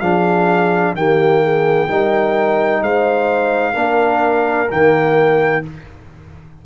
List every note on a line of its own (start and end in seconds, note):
0.00 0.93 F3
0.00 0.96 D4
0.00 0.94 G#4
0.00 0.94 F5
0.93 1.87 D#3
0.93 1.88 A#3
0.93 1.43 G4
0.93 2.83 G5
1.43 1.88 G#4
1.88 2.82 G3
1.88 3.74 D#4
1.88 2.82 A#4
2.82 3.75 G#3
2.82 3.73 C5
2.82 4.71 F5
3.73 4.69 A#3
3.73 4.68 D4
3.73 5.61 A#4
4.69 5.65 D#3
4.69 5.63 A#3
4.69 5.64 G5